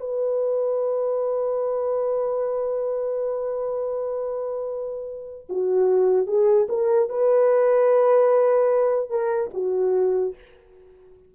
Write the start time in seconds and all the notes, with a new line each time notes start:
0.00 B4
5.49 F#4
6.27 G#4
6.69 A#4
7.09 B4
9.10 A#4
9.54 F#4